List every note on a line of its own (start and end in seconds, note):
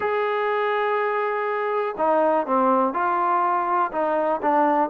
0.00 1.95 G#4
1.97 2.46 D#4
2.46 2.93 C4
2.93 3.91 F4
3.92 4.40 D#4
4.42 4.89 D4